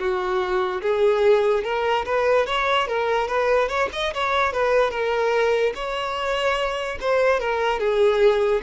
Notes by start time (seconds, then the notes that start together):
0.00 F#4
0.82 G#4
1.64 A#4
2.06 B4
2.47 C#5
2.88 A#4
3.28 B4
3.69 C#5
3.93 D#5
4.14 C#5
4.53 B4
4.91 A#4
5.75 C#5
7.01 C5
7.40 A#4
7.80 G#4